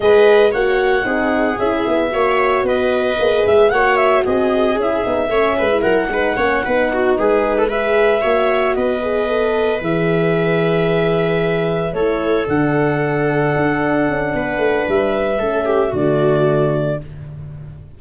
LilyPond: <<
  \new Staff \with { instrumentName = "clarinet" } { \time 4/4 \tempo 4 = 113 dis''4 fis''2 e''4~ | e''4 dis''4. e''8 fis''8 e''8 | dis''4 e''2 fis''4~ | fis''4. b'4 e''4.~ |
e''8 dis''2 e''4.~ | e''2~ e''8 cis''4 fis''8~ | fis''1 | e''2 d''2 | }
  \new Staff \with { instrumentName = "viola" } { \time 4/4 b'4 cis''4 gis'2 | cis''4 b'2 cis''4 | gis'2 cis''8 b'8 ais'8 b'8 | cis''8 b'8 fis'8 gis'8. a'16 b'4 cis''8~ |
cis''8 b'2.~ b'8~ | b'2~ b'8 a'4.~ | a'2. b'4~ | b'4 a'8 g'8 fis'2 | }
  \new Staff \with { instrumentName = "horn" } { \time 4/4 gis'4 fis'4 dis'4 e'4 | fis'2 gis'4 fis'4~ | fis'4 e'8 dis'8 cis'8. e'8. dis'8 | cis'8 dis'2 gis'4 fis'8~ |
fis'4 gis'8 a'4 gis'4.~ | gis'2~ gis'8 e'4 d'8~ | d'1~ | d'4 cis'4 a2 | }
  \new Staff \with { instrumentName = "tuba" } { \time 4/4 gis4 ais4 c'4 cis'8 b8 | ais4 b4 ais8 gis8 ais4 | c'4 cis'8 b8 a8 gis8 fis8 gis8 | ais8 b4 gis2 ais8~ |
ais8 b2 e4.~ | e2~ e8 a4 d8~ | d4. d'4 cis'8 b8 a8 | g4 a4 d2 | }
>>